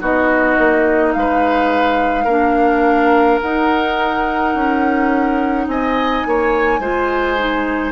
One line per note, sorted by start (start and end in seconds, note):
0.00 0.57 B3
0.00 2.26 D#4
0.00 1.14 F#4
0.00 1.12 D#5
0.58 1.15 A#3
1.12 2.25 G#3
1.12 3.39 F5
1.19 2.24 B4
2.24 3.38 A#3
2.24 3.42 D4
2.24 5.64 A#4
3.41 4.55 D#4
3.41 6.82 D#4
3.41 5.68 F#5
4.55 5.67 C#4
5.67 6.24 C4
5.67 6.27 D#5
5.67 7.92 G#5
6.26 6.79 A#3
6.26 6.80 C#5
6.79 7.92 G#3
6.79 7.37 F4
6.79 7.92 C5
7.37 7.92 D#4